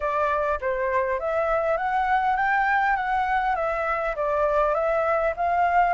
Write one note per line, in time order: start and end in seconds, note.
0.00 0.59 D5
0.60 1.19 C5
1.19 1.77 E5
1.77 2.36 F#5
2.36 2.95 G5
2.96 3.55 F#5
3.55 4.14 E5
4.15 4.74 D5
4.74 5.33 E5
5.36 5.93 F5